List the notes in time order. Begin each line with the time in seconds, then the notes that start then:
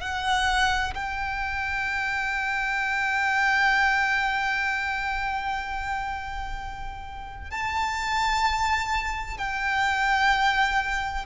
0.00 F#5
0.94 G5
7.51 A5
9.38 G5